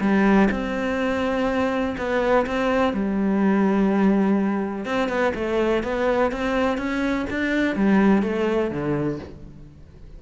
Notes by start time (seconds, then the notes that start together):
0.00 G3
0.51 C4
1.97 B3
2.46 C4
2.93 G3
4.85 C4
5.09 B3
5.35 A3
5.83 B3
6.31 C4
6.77 C#4
7.30 D4
7.75 G3
8.22 A3
8.71 D3